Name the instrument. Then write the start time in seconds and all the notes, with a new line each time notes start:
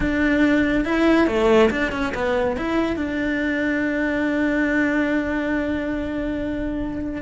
cello
0.00 D4
0.85 E4
1.27 A3
1.70 D4
1.91 C#4
2.14 B3
2.56 E4
2.96 D4